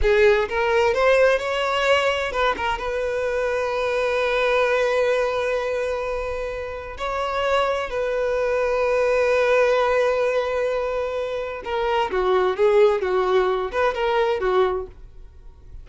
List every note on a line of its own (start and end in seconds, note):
0.01 0.48 G#4
0.48 0.93 A#4
0.93 1.38 C5
1.38 2.32 C#5
2.32 2.55 B4
2.56 2.78 A#4
2.78 6.97 B4
6.97 7.90 C#5
7.90 11.62 B4
11.64 12.10 A#4
12.11 12.56 F#4
12.56 13.01 G#4
13.01 13.71 F#4
13.71 13.94 B4
13.94 14.40 A#4
14.40 14.86 F#4